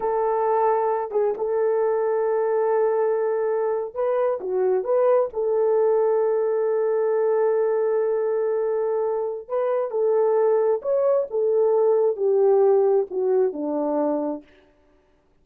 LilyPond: \new Staff \with { instrumentName = "horn" } { \time 4/4 \tempo 4 = 133 a'2~ a'8 gis'8 a'4~ | a'1~ | a'8. b'4 fis'4 b'4 a'16~ | a'1~ |
a'1~ | a'4 b'4 a'2 | cis''4 a'2 g'4~ | g'4 fis'4 d'2 | }